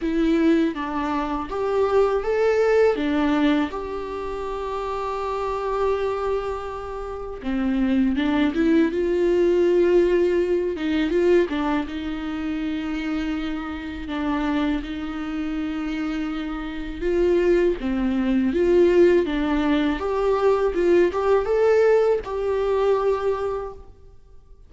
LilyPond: \new Staff \with { instrumentName = "viola" } { \time 4/4 \tempo 4 = 81 e'4 d'4 g'4 a'4 | d'4 g'2.~ | g'2 c'4 d'8 e'8 | f'2~ f'8 dis'8 f'8 d'8 |
dis'2. d'4 | dis'2. f'4 | c'4 f'4 d'4 g'4 | f'8 g'8 a'4 g'2 | }